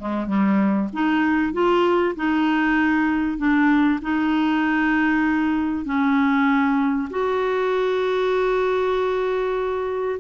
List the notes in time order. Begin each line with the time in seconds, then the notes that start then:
0.00 G#3
0.27 G3
0.93 D#4
1.54 F4
2.16 D#4
3.38 D4
4.02 D#4
5.85 C#4
7.10 F#4